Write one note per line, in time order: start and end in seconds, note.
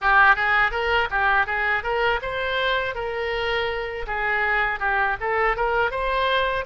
0.01 0.35 G4
0.35 0.71 G#4
0.71 1.08 A#4
1.10 1.46 G4
1.46 1.83 G#4
1.83 2.20 A#4
2.22 2.94 C5
2.94 4.05 A#4
4.06 4.79 G#4
4.79 5.16 G4
5.20 5.56 A4
5.56 5.90 A#4
5.90 6.64 C5